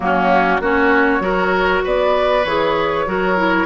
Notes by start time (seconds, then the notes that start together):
0.00 F#3 A#3 C#4 F#4
0.59 A#3 C#4 F#4 C#5
1.20 F#3 F#4 A#4
1.83 B3 B4 D5
2.44 E3 G#4 C#5
3.06 F#3 F#4 A#4
3.36 E4